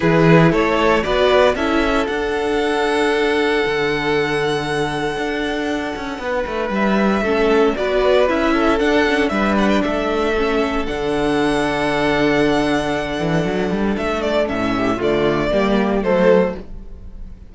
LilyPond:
<<
  \new Staff \with { instrumentName = "violin" } { \time 4/4 \tempo 4 = 116 b'4 cis''4 d''4 e''4 | fis''1~ | fis''1~ | fis''4 e''2 d''4 |
e''4 fis''4 e''8 fis''16 g''16 e''4~ | e''4 fis''2.~ | fis''2. e''8 d''8 | e''4 d''2 c''4 | }
  \new Staff \with { instrumentName = "violin" } { \time 4/4 gis'4 a'4 b'4 a'4~ | a'1~ | a'1 | b'2 a'4 b'4~ |
b'8 a'4. b'4 a'4~ | a'1~ | a'1~ | a'8 g'8 f'4 g'4 a'4 | }
  \new Staff \with { instrumentName = "viola" } { \time 4/4 e'2 fis'4 e'4 | d'1~ | d'1~ | d'2 cis'4 fis'4 |
e'4 d'8 cis'8 d'2 | cis'4 d'2.~ | d'1 | cis'4 a4 ais4 a4 | }
  \new Staff \with { instrumentName = "cello" } { \time 4/4 e4 a4 b4 cis'4 | d'2. d4~ | d2 d'4. cis'8 | b8 a8 g4 a4 b4 |
cis'4 d'4 g4 a4~ | a4 d2.~ | d4. e8 fis8 g8 a4 | a,4 d4 g4 fis4 | }
>>